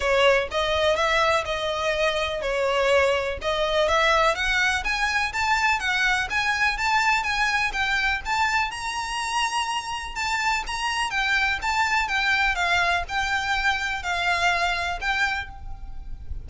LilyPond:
\new Staff \with { instrumentName = "violin" } { \time 4/4 \tempo 4 = 124 cis''4 dis''4 e''4 dis''4~ | dis''4 cis''2 dis''4 | e''4 fis''4 gis''4 a''4 | fis''4 gis''4 a''4 gis''4 |
g''4 a''4 ais''2~ | ais''4 a''4 ais''4 g''4 | a''4 g''4 f''4 g''4~ | g''4 f''2 g''4 | }